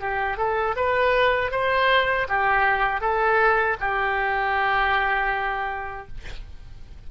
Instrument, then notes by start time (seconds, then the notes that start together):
oboe
0.00 G4
0.37 A4
0.76 B4
1.52 C5
2.29 G4
3.01 A4
3.80 G4